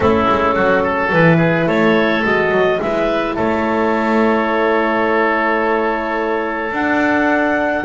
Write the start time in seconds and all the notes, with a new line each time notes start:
0.00 A3 C#4 E4 A4
0.29 G#3
0.54 F#3 F#4
0.83 A4
1.12 E3 E4 B4
1.37 G#4
1.66 A3 A4 C#5
2.23 G#3 F#4 D#5
2.51 F#3
2.81 G#3 E4 B4 E5
3.35 A3 A4 C#5
6.71 D4 F#5